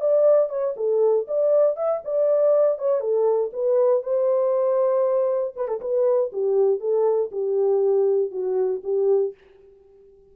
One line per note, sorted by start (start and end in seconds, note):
0.00 0.49 D5
0.49 0.74 C#5
0.76 1.27 A4
1.27 1.76 D5
1.76 2.01 E5
2.04 2.78 D5
2.78 3.00 C#5
3.00 3.50 A4
3.52 4.02 B4
4.02 5.54 C5
5.56 5.67 B4
5.67 5.80 A4
5.80 6.31 B4
6.32 6.80 G4
6.80 7.30 A4
7.31 8.31 G4
8.31 8.81 F#4
8.83 9.33 G4